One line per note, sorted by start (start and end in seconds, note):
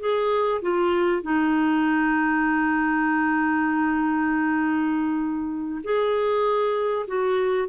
0.00 0.61 G#4
0.62 1.22 F4
1.22 5.81 D#4
5.83 7.06 G#4
7.07 7.68 F#4